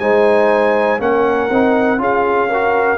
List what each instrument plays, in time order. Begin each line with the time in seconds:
0.00 tuba G#3, trombone D#4, horn C5, trumpet G#5
1.00 tuba A#3, trombone C#4, horn A#4, trumpet F#5
1.51 tuba C4, trombone D#4
1.98 tuba C#4, trombone F4, horn G#4, trumpet F5
2.50 trombone F#4, horn A#4